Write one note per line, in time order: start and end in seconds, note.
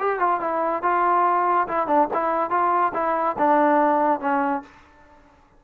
0.00 0.20 G4
0.20 0.41 F4
0.41 0.83 E4
0.83 1.68 F4
1.68 1.87 E4
1.87 2.09 D4
2.14 2.51 E4
2.51 2.93 F4
2.94 3.37 E4
3.39 4.21 D4
4.21 4.63 C#4